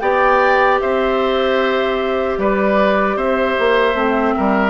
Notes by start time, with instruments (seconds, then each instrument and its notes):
0.00 bassoon B3, clarinet G4, oboe D5, flute G5
0.81 bassoon C4, oboe C5, flute E5
2.38 bassoon G3, oboe B4, flute D5
3.16 bassoon C4, oboe C5, flute E5
3.59 bassoon A#3
3.95 bassoon A3, clarinet C4
4.37 bassoon G3, oboe A#4